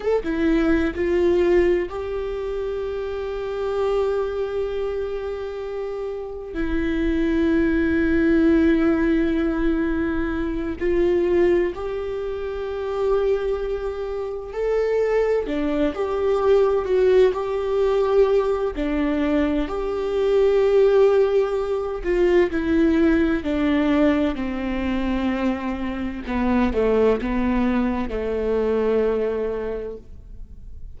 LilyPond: \new Staff \with { instrumentName = "viola" } { \time 4/4 \tempo 4 = 64 a'16 e'8. f'4 g'2~ | g'2. e'4~ | e'2.~ e'8 f'8~ | f'8 g'2. a'8~ |
a'8 d'8 g'4 fis'8 g'4. | d'4 g'2~ g'8 f'8 | e'4 d'4 c'2 | b8 a8 b4 a2 | }